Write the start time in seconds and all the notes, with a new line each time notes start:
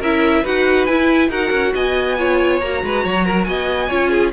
0.00 C#4 E4 A#4 E5
0.43 D#4 F#4 B4 F#5
0.86 E4 G#5
1.30 D#4 F#4 A#4 F#5
1.52 C#4
1.75 B3 D#5 G#5
2.18 F4 C#5
2.61 A#3 F#4 A#5
2.84 G#3 B4
3.05 F#3 C#5
3.26 A#4
3.45 B3 D#5 G#5
3.89 C#4 F4 C#5
4.11 G#4